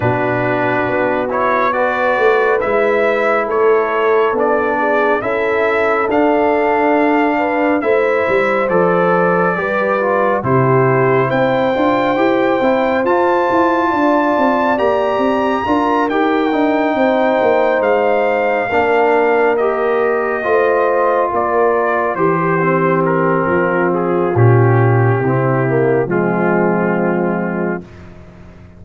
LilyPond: <<
  \new Staff \with { instrumentName = "trumpet" } { \time 4/4 \tempo 4 = 69 b'4. cis''8 d''4 e''4 | cis''4 d''4 e''4 f''4~ | f''4 e''4 d''2 | c''4 g''2 a''4~ |
a''4 ais''4. g''4.~ | g''8 f''2 dis''4.~ | dis''8 d''4 c''4 ais'4 gis'8 | g'2 f'2 | }
  \new Staff \with { instrumentName = "horn" } { \time 4/4 fis'2 b'2 | a'4. gis'8 a'2~ | a'8 b'8 c''2 b'4 | g'4 c''2. |
d''2 ais'4. c''8~ | c''4. ais'2 c''8~ | c''8 ais'4 g'4. f'4~ | f'4 e'4 c'2 | }
  \new Staff \with { instrumentName = "trombone" } { \time 4/4 d'4. e'8 fis'4 e'4~ | e'4 d'4 e'4 d'4~ | d'4 e'4 a'4 g'8 f'8 | e'4. f'8 g'8 e'8 f'4~ |
f'4 g'4 f'8 g'8 dis'4~ | dis'4. d'4 g'4 f'8~ | f'4. g'8 c'2 | cis'4 c'8 ais8 gis2 | }
  \new Staff \with { instrumentName = "tuba" } { \time 4/4 b,4 b4. a8 gis4 | a4 b4 cis'4 d'4~ | d'4 a8 g8 f4 g4 | c4 c'8 d'8 e'8 c'8 f'8 e'8 |
d'8 c'8 ais8 c'8 d'8 dis'8 d'8 c'8 | ais8 gis4 ais2 a8~ | a8 ais4 e4. f4 | ais,4 c4 f2 | }
>>